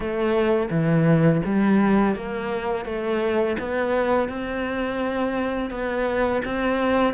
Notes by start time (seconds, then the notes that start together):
0.00 A3
0.70 E3
1.44 G3
2.15 A#3
2.85 A3
3.59 B3
4.29 C4
5.70 B3
6.44 C4